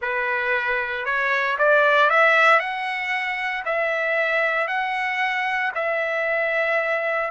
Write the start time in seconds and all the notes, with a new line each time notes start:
0.01 B4
1.05 C#5
1.58 D5
2.10 E5
2.59 F#5
3.65 E5
4.67 F#5
5.75 E5